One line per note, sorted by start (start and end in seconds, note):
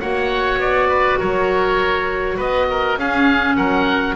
0.00 0.58 A#3
0.00 2.99 F#4
0.00 0.89 C#5
0.00 0.59 F#5
0.58 1.17 B3
0.58 1.20 D5
0.89 1.19 B4
1.19 2.38 F#3
1.19 2.37 A#4
1.19 2.39 C#5
2.37 2.97 B3
2.37 2.67 B4
2.37 2.99 D#5
2.71 3.00 A#4
2.97 3.57 C#4
2.97 4.16 C#4
2.97 3.57 G#4
2.97 3.56 F5
3.56 4.16 F#3
3.56 4.16 A#4
3.56 4.16 F#5